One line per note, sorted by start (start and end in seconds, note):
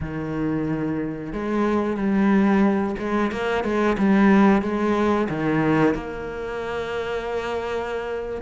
0.00 1.32 D#3
1.32 1.96 G#3
1.96 2.95 G3
2.98 3.31 G#3
3.31 3.64 A#3
3.64 3.97 G#3
3.97 4.62 G3
4.62 5.27 G#3
5.29 5.94 D#3
5.94 8.41 A#3